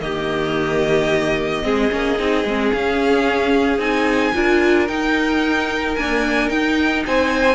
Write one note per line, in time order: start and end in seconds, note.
0.00 1.63 D#3
0.00 1.62 A#3
0.00 1.64 G4
0.00 2.70 D#5
1.62 1.91 G#3
1.62 1.89 C4
1.62 4.34 G#4
1.90 2.19 A#3
1.90 2.17 C#4
2.18 2.44 C4
2.18 2.45 D#4
2.44 2.72 G#3
2.44 2.74 C4
2.72 3.78 C#4
2.72 3.79 C#4
2.72 3.80 F5
3.78 4.32 C4
3.78 4.33 D#4
3.78 4.87 G#5
4.34 4.88 D4
4.34 4.88 F4
4.34 7.05 A#4
4.87 5.97 D#4
4.87 5.95 G5
5.95 6.46 A#3
5.95 6.51 D4
5.95 6.49 G#5
6.46 7.55 D#4
6.46 7.05 D#4
6.46 7.03 G5
7.06 7.55 C4
7.06 7.55 C5
7.06 7.55 G#5